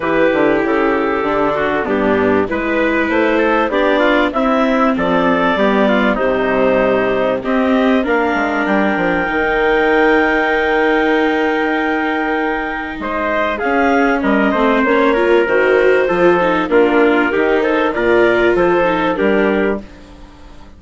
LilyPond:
<<
  \new Staff \with { instrumentName = "clarinet" } { \time 4/4 \tempo 4 = 97 b'4 a'2 g'4 | b'4 c''4 d''4 e''4 | d''2 c''2 | dis''4 f''4 g''2~ |
g''1~ | g''4 dis''4 f''4 dis''4 | cis''4 c''2 ais'4~ | ais'8 c''8 d''4 c''4 ais'4 | }
  \new Staff \with { instrumentName = "trumpet" } { \time 4/4 g'2~ g'8 fis'8 d'4 | b'4. a'8 g'8 f'8 e'4 | a'4 g'8 f'8 dis'2 | g'4 ais'2.~ |
ais'1~ | ais'4 c''4 gis'4 ais'8 c''8~ | c''8 ais'4. a'4 f'4 | g'8 a'8 ais'4 a'4 g'4 | }
  \new Staff \with { instrumentName = "viola" } { \time 4/4 e'2 d'4 b4 | e'2 d'4 c'4~ | c'4 b4 g2 | c'4 d'2 dis'4~ |
dis'1~ | dis'2 cis'4. c'8 | cis'8 f'8 fis'4 f'8 dis'8 d'4 | dis'4 f'4. dis'8 d'4 | }
  \new Staff \with { instrumentName = "bassoon" } { \time 4/4 e8 d8 cis4 d4 g,4 | gis4 a4 b4 c'4 | f4 g4 c2 | c'4 ais8 gis8 g8 f8 dis4~ |
dis1~ | dis4 gis4 cis'4 g8 a8 | ais4 dis4 f4 ais4 | dis4 ais,4 f4 g4 | }
>>